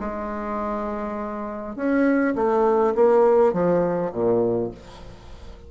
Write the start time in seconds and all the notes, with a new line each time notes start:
0.00 G#3
1.76 C#4
2.36 A3
2.95 A#3
3.53 F3
4.12 A#2